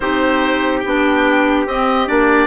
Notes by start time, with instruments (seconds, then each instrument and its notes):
0.00 bassoon C4, clarinet D#4, trumpet G4, oboe C5
0.80 bassoon B3, clarinet D4, oboe G5
1.65 bassoon C4, clarinet C4, oboe D#5
2.07 bassoon A#3, clarinet D4, oboe D5